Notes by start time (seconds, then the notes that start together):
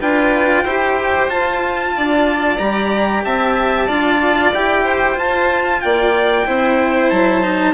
0.00 D4 F4 B4 G5
0.63 E4 G4 C5
1.29 F4 A5
1.96 D4 D5
2.58 G3 G4 A#5
3.24 C4 E5 A5
3.87 D4 F4 D5
4.53 E4 G4 G5
4.83 C5
5.15 F4 A5
5.81 A#3 D5 G5
6.45 C4 E4 C5
7.10 F#3 A5
7.42 D#4